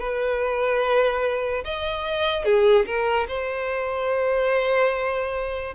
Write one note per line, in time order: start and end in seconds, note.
0.00 1.64 B4
1.64 2.45 D#5
2.45 2.86 G#4
2.86 3.27 A#4
3.28 5.75 C5